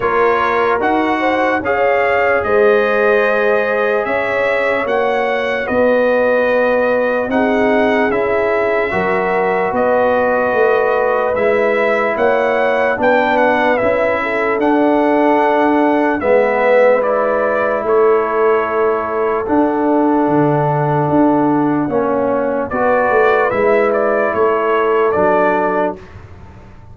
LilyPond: <<
  \new Staff \with { instrumentName = "trumpet" } { \time 4/4 \tempo 4 = 74 cis''4 fis''4 f''4 dis''4~ | dis''4 e''4 fis''4 dis''4~ | dis''4 fis''4 e''2 | dis''2 e''4 fis''4 |
g''8 fis''8 e''4 fis''2 | e''4 d''4 cis''2 | fis''1 | d''4 e''8 d''8 cis''4 d''4 | }
  \new Staff \with { instrumentName = "horn" } { \time 4/4 ais'4. c''8 cis''4 c''4~ | c''4 cis''2 b'4~ | b'4 gis'2 ais'4 | b'2. cis''4 |
b'4. a'2~ a'8 | b'2 a'2~ | a'2. cis''4 | b'2 a'2 | }
  \new Staff \with { instrumentName = "trombone" } { \time 4/4 f'4 fis'4 gis'2~ | gis'2 fis'2~ | fis'4 dis'4 e'4 fis'4~ | fis'2 e'2 |
d'4 e'4 d'2 | b4 e'2. | d'2. cis'4 | fis'4 e'2 d'4 | }
  \new Staff \with { instrumentName = "tuba" } { \time 4/4 ais4 dis'4 cis'4 gis4~ | gis4 cis'4 ais4 b4~ | b4 c'4 cis'4 fis4 | b4 a4 gis4 ais4 |
b4 cis'4 d'2 | gis2 a2 | d'4 d4 d'4 ais4 | b8 a8 gis4 a4 fis4 | }
>>